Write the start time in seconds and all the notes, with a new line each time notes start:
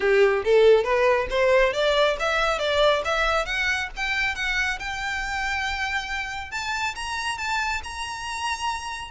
0.00 G4
0.44 A4
0.84 B4
1.29 C5
1.73 D5
2.19 E5
2.58 D5
3.05 E5
3.45 F#5
3.96 G5
4.35 F#5
4.79 G5
6.51 A5
6.95 A#5
7.38 A5
7.83 A#5